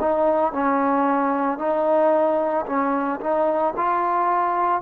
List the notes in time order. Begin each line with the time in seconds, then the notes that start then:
0.00 D#4
0.52 C#4
1.58 D#4
2.66 C#4
3.20 D#4
3.76 F4